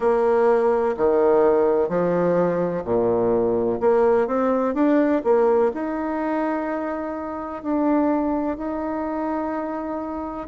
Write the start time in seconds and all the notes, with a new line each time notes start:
0.00 A#3
0.97 D#3
1.88 F3
2.84 A#2
3.80 A#3
4.27 C4
4.74 D4
5.23 A#3
5.74 D#4
7.62 D4
8.57 D#4